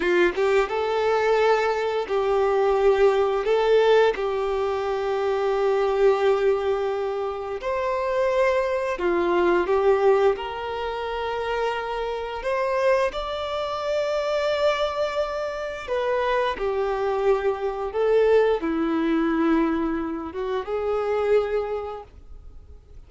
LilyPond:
\new Staff \with { instrumentName = "violin" } { \time 4/4 \tempo 4 = 87 f'8 g'8 a'2 g'4~ | g'4 a'4 g'2~ | g'2. c''4~ | c''4 f'4 g'4 ais'4~ |
ais'2 c''4 d''4~ | d''2. b'4 | g'2 a'4 e'4~ | e'4. fis'8 gis'2 | }